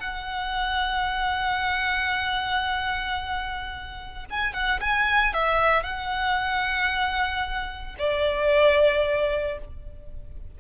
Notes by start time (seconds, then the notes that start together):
0.00 F#5
4.30 G#5
4.53 F#5
4.81 G#5
5.33 E5
5.83 F#5
7.99 D5